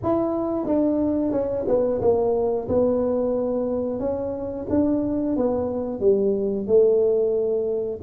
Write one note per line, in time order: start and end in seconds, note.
0.02 0.65 E4
0.65 1.31 D4
1.31 1.65 C#4
1.67 2.00 B3
2.01 2.68 A#3
2.68 3.99 B3
3.99 4.66 C#4
4.69 5.36 D4
5.36 6.00 B3
6.00 6.66 G3
6.66 8.00 A3